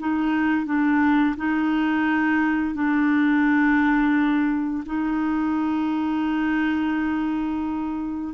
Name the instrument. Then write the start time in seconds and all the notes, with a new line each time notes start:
clarinet
0.00 D#4
0.66 D4
1.37 D#4
2.75 D4
4.86 D#4